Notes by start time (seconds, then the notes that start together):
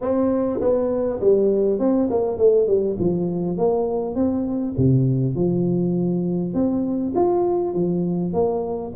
0.01 C4
0.60 B3
1.20 G3
1.79 C4
2.10 A#3
2.37 A3
2.67 G3
2.99 F3
3.57 A#3
4.14 C4
4.77 C3
5.35 F3
6.53 C4
7.15 F4
7.74 F3
8.33 A#3